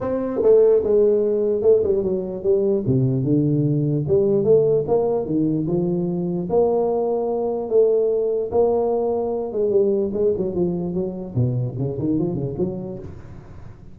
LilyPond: \new Staff \with { instrumentName = "tuba" } { \time 4/4 \tempo 4 = 148 c'4 a4 gis2 | a8 g8 fis4 g4 c4 | d2 g4 a4 | ais4 dis4 f2 |
ais2. a4~ | a4 ais2~ ais8 gis8 | g4 gis8 fis8 f4 fis4 | b,4 cis8 dis8 f8 cis8 fis4 | }